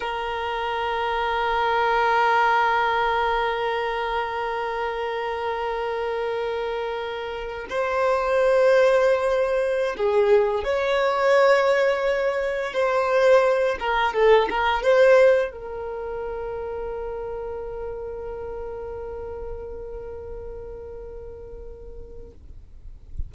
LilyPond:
\new Staff \with { instrumentName = "violin" } { \time 4/4 \tempo 4 = 86 ais'1~ | ais'1~ | ais'2. c''4~ | c''2~ c''16 gis'4 cis''8.~ |
cis''2~ cis''16 c''4. ais'16~ | ais'16 a'8 ais'8 c''4 ais'4.~ ais'16~ | ais'1~ | ais'1 | }